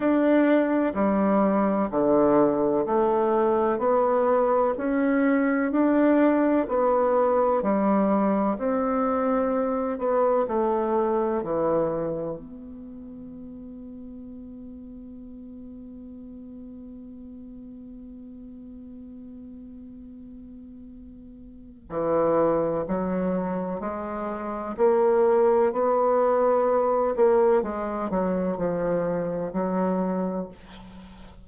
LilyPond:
\new Staff \with { instrumentName = "bassoon" } { \time 4/4 \tempo 4 = 63 d'4 g4 d4 a4 | b4 cis'4 d'4 b4 | g4 c'4. b8 a4 | e4 b2.~ |
b1~ | b2. e4 | fis4 gis4 ais4 b4~ | b8 ais8 gis8 fis8 f4 fis4 | }